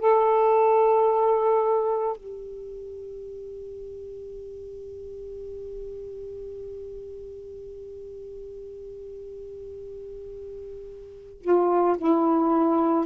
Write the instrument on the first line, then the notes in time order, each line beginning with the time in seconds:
saxophone
0.00 A4
2.17 G4
11.41 F4
11.98 E4